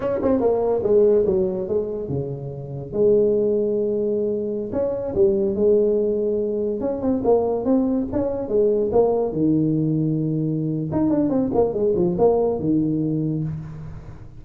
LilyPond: \new Staff \with { instrumentName = "tuba" } { \time 4/4 \tempo 4 = 143 cis'8 c'8 ais4 gis4 fis4 | gis4 cis2 gis4~ | gis2.~ gis16 cis'8.~ | cis'16 g4 gis2~ gis8.~ |
gis16 cis'8 c'8 ais4 c'4 cis'8.~ | cis'16 gis4 ais4 dis4.~ dis16~ | dis2 dis'8 d'8 c'8 ais8 | gis8 f8 ais4 dis2 | }